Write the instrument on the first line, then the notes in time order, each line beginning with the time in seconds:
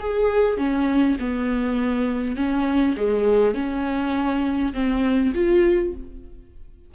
viola
0.00 G#4
0.58 C#4
1.20 B3
2.37 C#4
2.97 G#3
3.55 C#4
4.74 C4
5.35 F4